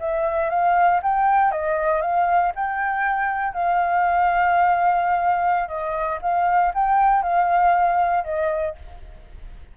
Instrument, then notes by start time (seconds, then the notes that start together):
flute
0.00 E5
0.50 F5
1.03 G5
1.52 D#5
2.02 F5
2.56 G5
3.53 F5
5.68 D#5
6.22 F5
6.74 G5
7.23 F5
8.24 D#5